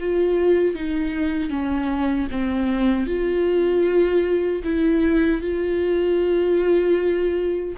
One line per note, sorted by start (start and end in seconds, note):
0.00 0.75 F4
0.75 1.50 D#4
1.50 2.28 C#4
2.32 3.07 C4
3.07 4.63 F4
4.64 5.42 E4
5.42 7.76 F4